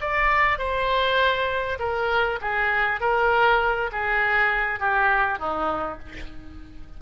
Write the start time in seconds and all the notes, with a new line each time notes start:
0.00 D5
0.58 C5
1.79 A#4
2.41 G#4
3.00 A#4
3.92 G#4
4.79 G4
5.38 D#4